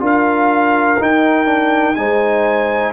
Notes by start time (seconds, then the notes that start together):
0.00 D4 F4 A#4
0.06 F5
0.99 D#4 G5
1.46 D4
1.96 G#3 D#4 C5 G#5